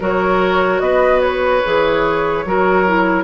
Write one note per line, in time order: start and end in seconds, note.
0.00 0.81 F#3
0.00 1.62 F#4
0.00 0.82 A#4
0.00 0.80 C#5
0.80 1.62 B3
0.80 2.45 B4
0.80 1.20 D#5
1.21 3.24 C#5
1.64 2.45 E3
1.64 2.45 G#4
2.45 3.24 F#3
2.45 2.86 F#4
2.45 3.24 A#4
2.86 3.24 E4